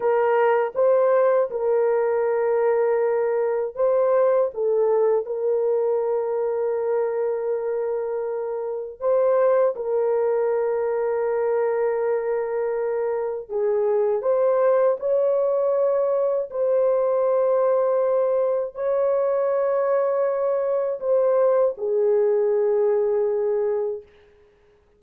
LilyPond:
\new Staff \with { instrumentName = "horn" } { \time 4/4 \tempo 4 = 80 ais'4 c''4 ais'2~ | ais'4 c''4 a'4 ais'4~ | ais'1 | c''4 ais'2.~ |
ais'2 gis'4 c''4 | cis''2 c''2~ | c''4 cis''2. | c''4 gis'2. | }